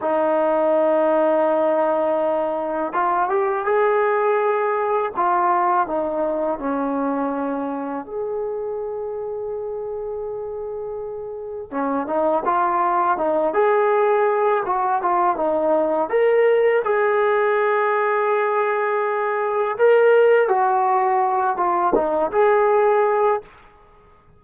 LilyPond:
\new Staff \with { instrumentName = "trombone" } { \time 4/4 \tempo 4 = 82 dis'1 | f'8 g'8 gis'2 f'4 | dis'4 cis'2 gis'4~ | gis'1 |
cis'8 dis'8 f'4 dis'8 gis'4. | fis'8 f'8 dis'4 ais'4 gis'4~ | gis'2. ais'4 | fis'4. f'8 dis'8 gis'4. | }